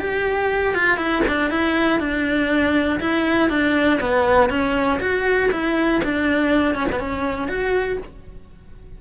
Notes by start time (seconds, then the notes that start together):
0.00 G4
0.75 F4
0.97 E4
1.28 D4
1.51 E4
2.00 D4
3.00 E4
3.50 D4
4.01 B3
4.50 C#4
5.00 F#4
5.52 E4
6.04 D4
6.75 C#4
6.92 B3
7.00 C#4
7.48 F#4